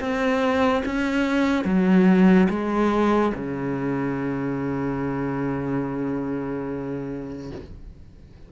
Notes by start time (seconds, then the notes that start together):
0.00 C4
0.86 C#4
1.65 F#3
2.50 G#3
3.35 C#3